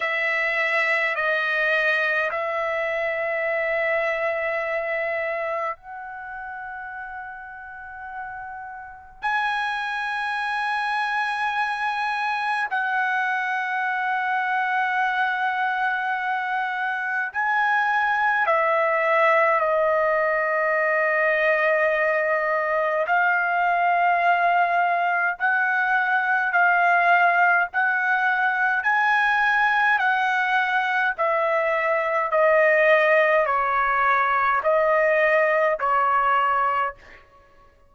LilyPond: \new Staff \with { instrumentName = "trumpet" } { \time 4/4 \tempo 4 = 52 e''4 dis''4 e''2~ | e''4 fis''2. | gis''2. fis''4~ | fis''2. gis''4 |
e''4 dis''2. | f''2 fis''4 f''4 | fis''4 gis''4 fis''4 e''4 | dis''4 cis''4 dis''4 cis''4 | }